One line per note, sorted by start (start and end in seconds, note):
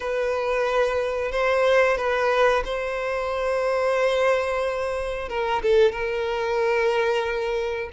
0.00 1.31 B4
1.31 1.97 C5
1.97 2.63 B4
2.65 5.28 C5
5.28 5.61 A#4
5.62 5.92 A4
5.92 7.89 A#4